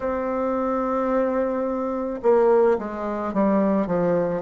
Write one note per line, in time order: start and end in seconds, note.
0.00 2.20 C4
2.22 2.78 A#3
2.78 3.33 G#3
3.33 3.86 G3
3.86 4.41 F3